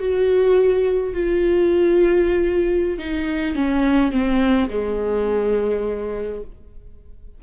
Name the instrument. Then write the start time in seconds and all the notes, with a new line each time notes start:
viola
0.00 F#4
1.14 F4
2.98 D#4
3.55 C#4
4.12 C4
4.70 G#3